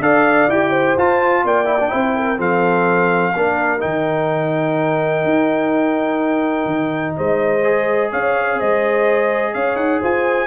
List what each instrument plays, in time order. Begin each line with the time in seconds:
0.00 tuba D4, trombone A4, horn D5, trumpet F5
0.49 tuba E4, trombone G4, trumpet G5
0.70 horn C5
0.97 tuba F4, trombone F4, trumpet A5
1.44 tuba A#3, horn D5, trumpet G5
1.66 trombone E4
1.80 trombone D4
1.89 tuba C4, trombone E4, horn C5
2.16 horn A#4
2.38 tuba F3, trombone C4, horn A4, trumpet F5
3.36 tuba A#3, trombone D4, horn A#4
3.79 tuba D#3, trombone D#4, trumpet G5
5.24 tuba D#4
6.66 tuba D#3
7.16 tuba G#3, horn C5, trumpet D#5
7.64 trombone G#4
8.11 tuba C#4, horn C#5, trumpet F5
8.57 tuba G#3, horn C5, trumpet D#5
9.54 tuba C#4, horn C#5, trumpet F5
9.76 tuba D#4, trumpet F#5
10.01 tuba F4, horn C5, trumpet G#5